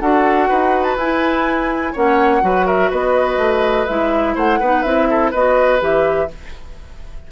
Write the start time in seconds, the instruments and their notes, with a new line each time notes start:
0.00 bassoon D4, clarinet F#4, oboe A4, flute F#5
0.48 bassoon D#4, oboe B4
0.83 flute A5
0.96 bassoon E4, clarinet E4, flute G#5
1.93 bassoon A#3, clarinet C#4, oboe C#5, flute F#5
2.41 bassoon F#3, clarinet F#4, oboe B4
2.66 oboe A#4, flute E5
2.90 bassoon B3, oboe B4, flute D#5
3.37 bassoon A3
3.86 bassoon G#3, clarinet E4, flute E5
4.35 bassoon A3, oboe C5, flute F#5
4.60 bassoon B3, clarinet D#4, oboe B4
4.82 bassoon C4, clarinet E4, flute E5
5.10 oboe A4
5.31 bassoon B3, clarinet F#4, oboe B4, flute D#5
5.79 bassoon E3, clarinet G4, flute E5